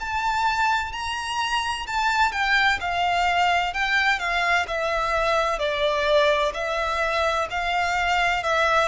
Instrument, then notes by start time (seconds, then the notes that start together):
violin
0.00 A5
0.92 A#5
1.87 A5
2.32 G5
2.80 F5
3.74 G5
4.19 F5
4.67 E5
5.59 D5
6.54 E5
7.50 F5
8.43 E5